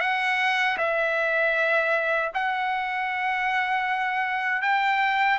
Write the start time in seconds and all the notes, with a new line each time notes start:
0.00 F#5
0.78 E5
2.34 F#5
4.62 G5